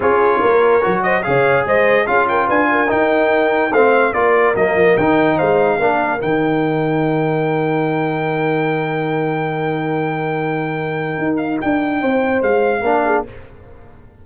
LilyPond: <<
  \new Staff \with { instrumentName = "trumpet" } { \time 4/4 \tempo 4 = 145 cis''2~ cis''8 dis''8 f''4 | dis''4 f''8 g''8 gis''4 g''4~ | g''4 f''4 d''4 dis''4 | g''4 f''2 g''4~ |
g''1~ | g''1~ | g''2.~ g''8 f''8 | g''2 f''2 | }
  \new Staff \with { instrumentName = "horn" } { \time 4/4 gis'4 ais'4. c''8 cis''4 | c''4 gis'8 ais'8 b'8 ais'4.~ | ais'4 c''4 ais'2~ | ais'4 c''4 ais'2~ |
ais'1~ | ais'1~ | ais'1~ | ais'4 c''2 ais'8 gis'8 | }
  \new Staff \with { instrumentName = "trombone" } { \time 4/4 f'2 fis'4 gis'4~ | gis'4 f'2 dis'4~ | dis'4 c'4 f'4 ais4 | dis'2 d'4 dis'4~ |
dis'1~ | dis'1~ | dis'1~ | dis'2. d'4 | }
  \new Staff \with { instrumentName = "tuba" } { \time 4/4 cis'4 ais4 fis4 cis4 | gis4 cis'4 d'4 dis'4~ | dis'4 a4 ais4 fis8 f8 | dis4 gis4 ais4 dis4~ |
dis1~ | dis1~ | dis2. dis'4 | d'4 c'4 gis4 ais4 | }
>>